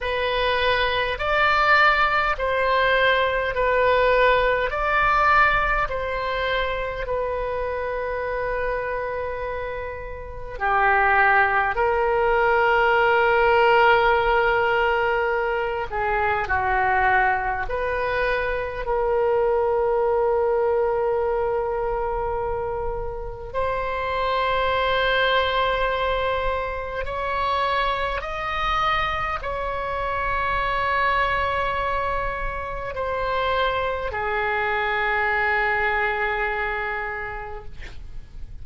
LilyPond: \new Staff \with { instrumentName = "oboe" } { \time 4/4 \tempo 4 = 51 b'4 d''4 c''4 b'4 | d''4 c''4 b'2~ | b'4 g'4 ais'2~ | ais'4. gis'8 fis'4 b'4 |
ais'1 | c''2. cis''4 | dis''4 cis''2. | c''4 gis'2. | }